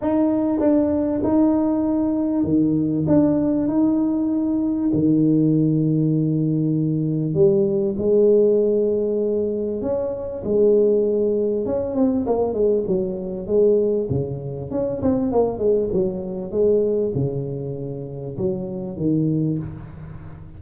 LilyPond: \new Staff \with { instrumentName = "tuba" } { \time 4/4 \tempo 4 = 98 dis'4 d'4 dis'2 | dis4 d'4 dis'2 | dis1 | g4 gis2. |
cis'4 gis2 cis'8 c'8 | ais8 gis8 fis4 gis4 cis4 | cis'8 c'8 ais8 gis8 fis4 gis4 | cis2 fis4 dis4 | }